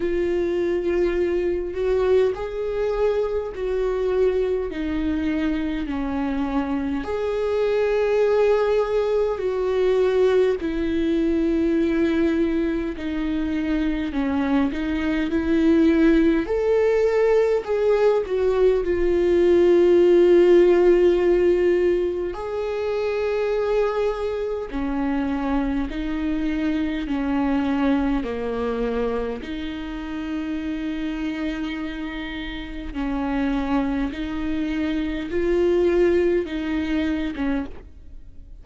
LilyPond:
\new Staff \with { instrumentName = "viola" } { \time 4/4 \tempo 4 = 51 f'4. fis'8 gis'4 fis'4 | dis'4 cis'4 gis'2 | fis'4 e'2 dis'4 | cis'8 dis'8 e'4 a'4 gis'8 fis'8 |
f'2. gis'4~ | gis'4 cis'4 dis'4 cis'4 | ais4 dis'2. | cis'4 dis'4 f'4 dis'8. cis'16 | }